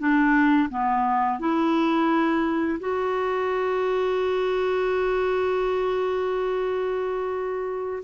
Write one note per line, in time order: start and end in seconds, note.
0.00 0.70 D4
0.70 1.40 B3
1.40 2.79 E4
2.80 8.04 F#4